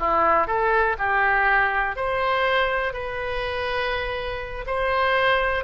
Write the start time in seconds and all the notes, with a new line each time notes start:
0.00 E4
0.47 A4
0.99 G4
1.96 C5
2.93 B4
4.67 C5